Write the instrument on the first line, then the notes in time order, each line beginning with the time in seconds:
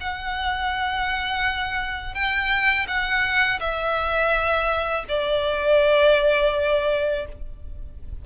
violin
0.00 F#5
2.14 G5
2.87 F#5
3.59 E5
5.08 D5